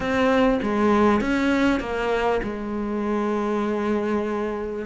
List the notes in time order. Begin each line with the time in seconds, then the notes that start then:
0.00 C4
0.62 G#3
1.21 C#4
1.80 A#3
2.43 G#3